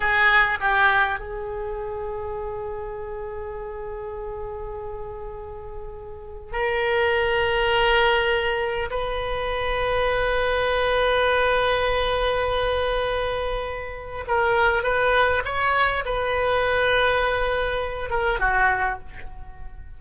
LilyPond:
\new Staff \with { instrumentName = "oboe" } { \time 4/4 \tempo 4 = 101 gis'4 g'4 gis'2~ | gis'1~ | gis'2. ais'4~ | ais'2. b'4~ |
b'1~ | b'1 | ais'4 b'4 cis''4 b'4~ | b'2~ b'8 ais'8 fis'4 | }